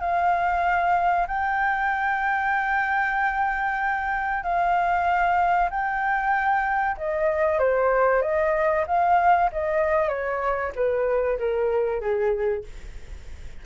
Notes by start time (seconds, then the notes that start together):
0.00 F5
1.27 G5
4.43 F5
5.70 G5
6.97 D#5
7.59 C5
8.22 D#5
8.87 F5
9.52 D#5
10.09 C#5
10.75 B4
11.39 A#4
12.01 G#4